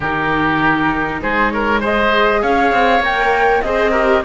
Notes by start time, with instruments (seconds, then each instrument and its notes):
0.00 cello D#3, viola D#4, oboe G4, flute A#4
1.22 cello G#3, oboe G#4, flute C5
1.50 oboe A#4, flute C#5
1.80 viola G#4, oboe C5, flute D#5
2.41 cello C#4, oboe C#5, flute F5
2.72 cello C4
3.00 cello A#3, viola A#4, flute G5
3.62 cello C4, viola G#4, oboe C5, flute D#5
3.91 viola G4, oboe A#4